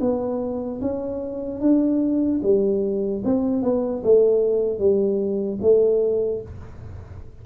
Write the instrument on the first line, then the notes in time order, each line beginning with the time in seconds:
tuba
0.00 B3
0.81 C#4
1.60 D4
2.43 G3
3.24 C4
3.62 B3
4.03 A3
4.79 G3
5.61 A3